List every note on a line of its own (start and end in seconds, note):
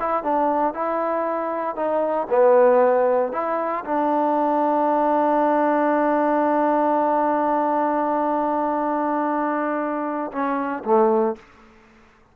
0.00 0.24 E4
0.24 0.74 D4
0.74 1.76 E4
1.76 2.27 D#4
2.30 3.32 B3
3.32 3.84 E4
3.85 10.31 D4
10.32 10.84 C#4
10.84 11.36 A3